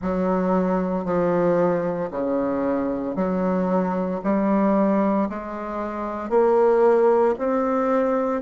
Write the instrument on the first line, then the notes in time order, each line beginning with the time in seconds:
bassoon
0.01 F#3
1.04 F3
2.11 C#3
3.15 F#3
4.23 G3
5.29 G#3
6.29 A#3
7.38 C4